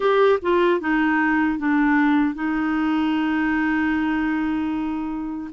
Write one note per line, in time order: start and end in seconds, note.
0.00 0.39 G4
0.42 0.80 F4
0.80 1.58 D#4
1.58 2.34 D4
2.34 5.50 D#4